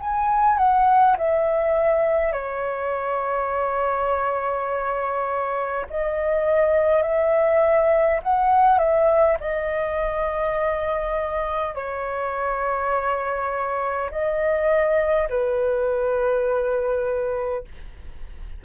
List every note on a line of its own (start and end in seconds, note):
0.00 0.58 G#5
0.58 1.17 F#5
1.18 2.33 E5
2.33 5.86 C#5
5.90 7.03 D#5
7.03 8.20 E5
8.23 8.78 F#5
8.78 9.37 E5
9.40 11.75 D#5
11.75 14.10 C#5
14.11 15.28 D#5
15.29 17.64 B4